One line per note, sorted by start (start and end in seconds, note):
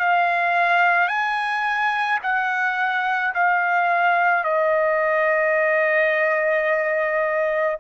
0.00 1.08 F5
1.08 2.19 G#5
2.23 3.34 F#5
3.35 4.44 F5
4.44 7.78 D#5